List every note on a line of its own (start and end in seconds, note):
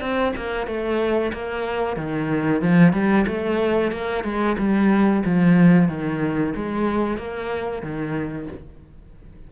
0.00 0.33 C4
0.36 0.66 A#3
0.66 1.32 A3
1.33 1.96 A#3
1.96 2.61 D#3
2.61 2.93 F3
2.93 3.25 G3
3.27 3.91 A3
3.91 4.24 A#3
4.24 4.56 G#3
4.58 5.23 G3
5.25 5.88 F3
5.88 6.53 D#3
6.55 7.17 G#3
7.17 7.82 A#3
7.82 8.47 D#3